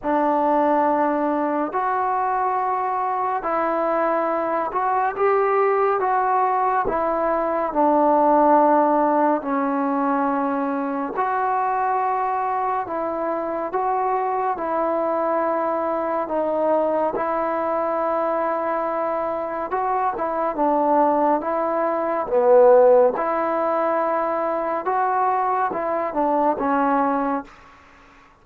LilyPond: \new Staff \with { instrumentName = "trombone" } { \time 4/4 \tempo 4 = 70 d'2 fis'2 | e'4. fis'8 g'4 fis'4 | e'4 d'2 cis'4~ | cis'4 fis'2 e'4 |
fis'4 e'2 dis'4 | e'2. fis'8 e'8 | d'4 e'4 b4 e'4~ | e'4 fis'4 e'8 d'8 cis'4 | }